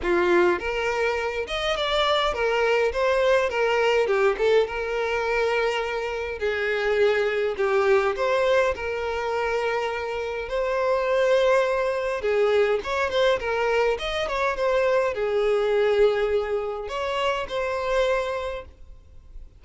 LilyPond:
\new Staff \with { instrumentName = "violin" } { \time 4/4 \tempo 4 = 103 f'4 ais'4. dis''8 d''4 | ais'4 c''4 ais'4 g'8 a'8 | ais'2. gis'4~ | gis'4 g'4 c''4 ais'4~ |
ais'2 c''2~ | c''4 gis'4 cis''8 c''8 ais'4 | dis''8 cis''8 c''4 gis'2~ | gis'4 cis''4 c''2 | }